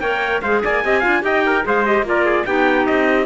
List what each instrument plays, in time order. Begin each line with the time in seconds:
0.00 cello A#3, clarinet A#4, trumpet C#5 G5
0.41 cello G#3, clarinet G#4, trumpet C5 F5
0.63 cello A#3, trumpet D5 G#5
0.84 cello C4, clarinet G4, trumpet D#5
0.99 clarinet F4, trumpet F5
1.06 cello D4
1.21 cello D#4, clarinet G4, trumpet D#5 G5
1.45 trumpet A#4
1.63 cello G#3, clarinet G#4, trumpet C5 F5
1.85 clarinet G4, trumpet D#5
2.02 cello A#3, clarinet F4, trumpet A#4 D5
2.25 trumpet G#4
2.45 cello B3, clarinet D#4, trumpet G4 G5
2.86 cello C4, trumpet D#5